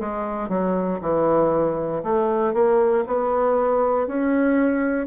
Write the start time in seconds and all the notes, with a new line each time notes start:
0.00 G#3
0.49 F#3
1.01 E3
2.03 A3
2.54 A#3
3.07 B3
4.07 C#4